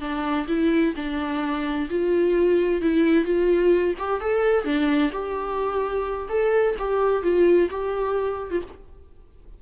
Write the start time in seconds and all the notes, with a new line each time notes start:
0.00 D4
0.48 E4
0.95 D4
1.89 F4
2.81 E4
3.24 F4
3.98 G4
4.20 A4
4.64 D4
5.12 G4
6.29 A4
6.78 G4
7.22 F4
7.70 G4
8.50 F4